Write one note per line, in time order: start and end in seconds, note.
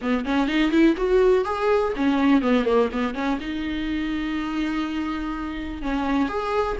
0.01 0.25 B3
0.25 0.47 C#4
0.47 0.71 D#4
0.71 0.95 E4
0.97 1.45 F#4
1.45 1.93 G#4
1.96 2.41 C#4
2.41 2.65 B3
2.65 2.89 A#3
2.91 3.14 B3
3.14 3.38 C#4
3.40 5.82 D#4
5.82 6.28 C#4
6.28 6.77 G#4